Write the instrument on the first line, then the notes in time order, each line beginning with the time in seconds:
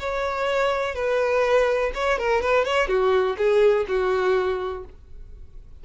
violin
0.00 C#5
0.95 B4
1.95 C#5
2.19 A#4
2.42 B4
2.65 C#5
2.89 F#4
3.38 G#4
3.88 F#4